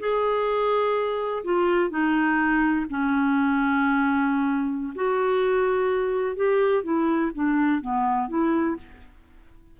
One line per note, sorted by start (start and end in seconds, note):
0.00 1.44 G#4
1.44 1.90 F4
1.90 2.86 D#4
2.90 4.94 C#4
4.95 6.36 F#4
6.36 6.84 G4
6.84 7.32 E4
7.35 7.82 D4
7.82 8.29 B3
8.29 8.77 E4